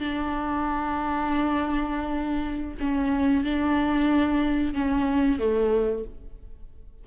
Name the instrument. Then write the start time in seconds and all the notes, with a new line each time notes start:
viola
0.00 D4
2.80 C#4
3.44 D4
4.74 C#4
5.39 A3